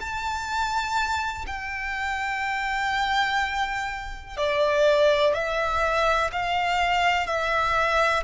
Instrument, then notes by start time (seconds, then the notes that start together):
violin
0.00 A5
1.46 G5
4.37 D5
5.34 E5
6.32 F5
7.27 E5